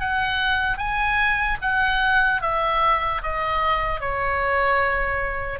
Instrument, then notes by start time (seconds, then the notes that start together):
oboe
0.00 F#5
0.77 G#5
1.62 F#5
2.42 E5
3.23 D#5
4.00 C#5